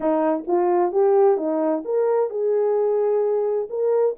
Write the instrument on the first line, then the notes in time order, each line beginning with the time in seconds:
horn
0.00 D#4
0.47 F4
0.92 G4
1.37 D#4
1.85 A#4
2.30 G#4
3.69 A#4